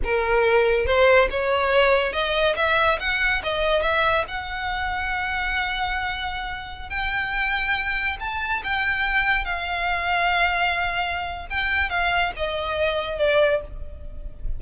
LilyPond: \new Staff \with { instrumentName = "violin" } { \time 4/4 \tempo 4 = 141 ais'2 c''4 cis''4~ | cis''4 dis''4 e''4 fis''4 | dis''4 e''4 fis''2~ | fis''1~ |
fis''16 g''2. a''8.~ | a''16 g''2 f''4.~ f''16~ | f''2. g''4 | f''4 dis''2 d''4 | }